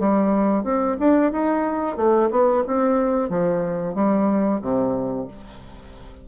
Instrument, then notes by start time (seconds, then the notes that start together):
bassoon
0.00 G3
0.64 C4
1.00 D4
1.32 D#4
1.97 A3
2.31 B3
2.67 C4
3.30 F3
3.95 G3
4.62 C3